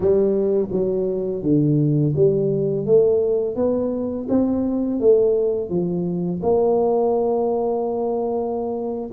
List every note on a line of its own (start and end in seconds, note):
0.00 0.68 G3
0.71 1.42 F#3
1.42 2.14 D3
2.15 2.85 G3
2.85 3.55 A3
3.55 4.27 B3
4.28 5.00 C4
5.00 5.69 A3
5.69 6.41 F3
6.42 9.10 A#3